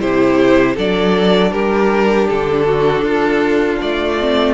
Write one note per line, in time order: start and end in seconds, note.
0.00 0.77 C3
0.00 0.76 E4
0.00 0.75 G4
0.00 0.76 C5
0.75 1.52 F#3
0.75 4.19 D4
0.75 1.51 A4
0.75 1.52 D5
1.52 2.28 G3
1.52 2.66 G4
1.52 2.28 A#4
2.28 3.02 D3
2.28 3.80 A4
2.66 3.04 F#4
3.02 3.78 D4
3.02 4.54 F4
3.81 4.54 A3
3.81 4.54 D5
4.19 4.54 C4